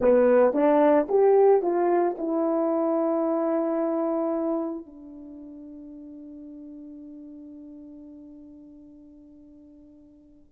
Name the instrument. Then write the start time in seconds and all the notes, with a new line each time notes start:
horn
0.00 B3
0.53 D4
1.08 G4
1.61 F4
2.17 E4
4.86 D4